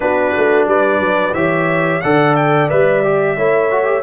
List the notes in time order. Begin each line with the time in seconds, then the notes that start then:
0.00 B3 D4 F#4 B4
0.37 A3
0.66 G3 B4 D5
0.99 F#3
1.33 E3 G4 C#5 E5
2.01 D3 A4 D5 F#5
2.36 G5
2.69 G3 B4 E5
3.04 G4
3.36 A3 E4 C#5
3.71 F#4
3.84 G4